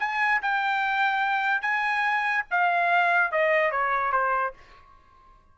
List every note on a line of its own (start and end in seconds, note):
0.00 0.42 G#5
0.42 1.62 G5
1.62 2.45 G#5
2.51 3.32 F5
3.32 3.72 D#5
3.72 4.12 C#5
4.12 4.54 C5